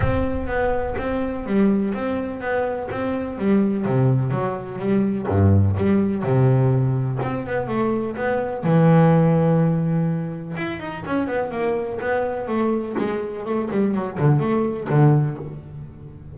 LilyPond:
\new Staff \with { instrumentName = "double bass" } { \time 4/4 \tempo 4 = 125 c'4 b4 c'4 g4 | c'4 b4 c'4 g4 | c4 fis4 g4 g,4 | g4 c2 c'8 b8 |
a4 b4 e2~ | e2 e'8 dis'8 cis'8 b8 | ais4 b4 a4 gis4 | a8 g8 fis8 d8 a4 d4 | }